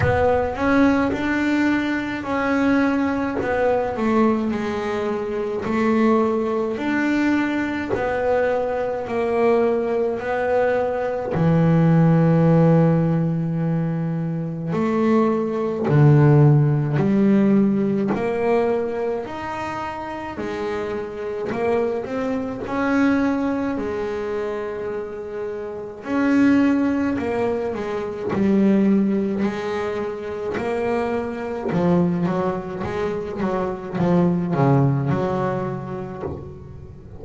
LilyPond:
\new Staff \with { instrumentName = "double bass" } { \time 4/4 \tempo 4 = 53 b8 cis'8 d'4 cis'4 b8 a8 | gis4 a4 d'4 b4 | ais4 b4 e2~ | e4 a4 d4 g4 |
ais4 dis'4 gis4 ais8 c'8 | cis'4 gis2 cis'4 | ais8 gis8 g4 gis4 ais4 | f8 fis8 gis8 fis8 f8 cis8 fis4 | }